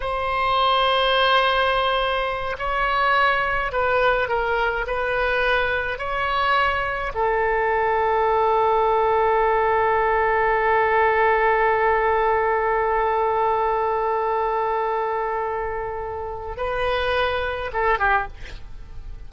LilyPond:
\new Staff \with { instrumentName = "oboe" } { \time 4/4 \tempo 4 = 105 c''1~ | c''8 cis''2 b'4 ais'8~ | ais'8 b'2 cis''4.~ | cis''8 a'2.~ a'8~ |
a'1~ | a'1~ | a'1~ | a'4 b'2 a'8 g'8 | }